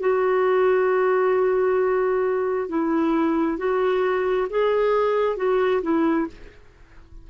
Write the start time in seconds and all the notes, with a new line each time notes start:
0.00 F#4
2.69 E4
3.58 F#4
4.50 G#4
5.37 F#4
5.82 E4